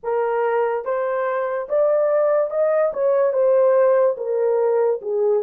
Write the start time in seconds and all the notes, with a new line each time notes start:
0.03 A#4
0.84 C5
1.68 D5
2.50 D#5
2.93 C#5
3.32 C5
4.17 A#4
5.01 G#4